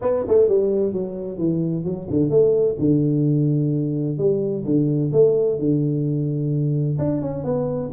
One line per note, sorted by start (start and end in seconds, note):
0.01 0.25 B3
0.27 0.48 A3
0.48 0.93 G3
0.93 1.37 F#3
1.37 1.84 E3
1.84 2.07 F#3
2.10 2.30 D3
2.30 2.76 A3
2.78 4.18 D3
4.18 4.64 G3
4.64 5.11 D3
5.12 5.58 A3
5.58 6.98 D3
6.98 7.21 D4
7.21 7.43 C#4
7.43 7.90 B3